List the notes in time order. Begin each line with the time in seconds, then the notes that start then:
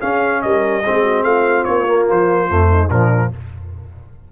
0.00 C#4 G#4 F5
0.42 G3 A#4 D#5
0.83 G#3 C4 G#4
1.03 F#4
1.23 A3 F4 F5
1.64 A#3 C#5
1.87 A#3
2.10 F3 C5
2.49 F2 A3
2.70 D#4
2.89 A#2 F3 D4 A#4